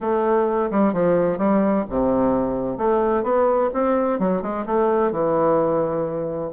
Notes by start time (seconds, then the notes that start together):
0.00 A3
0.70 G3
0.93 F3
1.38 G3
1.89 C3
2.77 A3
3.23 B3
3.73 C4
4.19 F#3
4.42 G#3
4.65 A3
5.11 E3